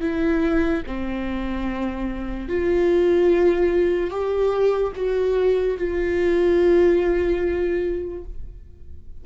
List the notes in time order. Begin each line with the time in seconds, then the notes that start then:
0.00 E4
0.86 C4
2.48 F4
4.10 G4
4.95 F#4
5.78 F4